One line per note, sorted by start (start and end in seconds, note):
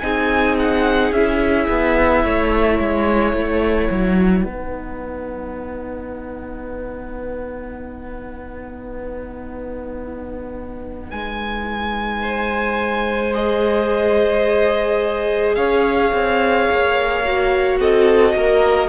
0.00 1.12 C4
0.00 1.14 D#4
0.00 2.25 G#4
0.00 0.56 G#5
0.59 1.13 F#5
1.12 1.68 C#4
1.12 4.48 E4
1.12 3.35 E5
1.69 2.25 B3
2.25 2.80 A3
2.25 4.45 C#5
2.80 3.33 G#3
3.33 3.89 A3
3.33 11.12 F#5
3.91 4.46 F#3
4.45 11.12 B3
4.45 13.34 D#4
4.45 12.23 B4
11.12 15.57 G#3
11.12 13.34 G#5
12.23 15.56 C5
13.34 17.23 G#4
13.34 15.55 D#5
15.55 16.13 C#4
15.55 17.79 C#5
15.55 17.77 F5
16.13 16.69 C4
16.71 17.80 A#3
17.26 18.89 F#4
17.80 18.35 C4
17.80 18.35 A4
17.80 18.89 D#5
18.35 18.89 A#3
18.35 18.89 A#4